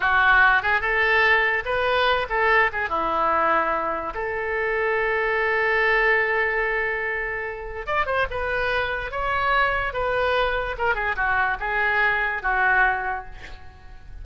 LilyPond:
\new Staff \with { instrumentName = "oboe" } { \time 4/4 \tempo 4 = 145 fis'4. gis'8 a'2 | b'4. a'4 gis'8 e'4~ | e'2 a'2~ | a'1~ |
a'2. d''8 c''8 | b'2 cis''2 | b'2 ais'8 gis'8 fis'4 | gis'2 fis'2 | }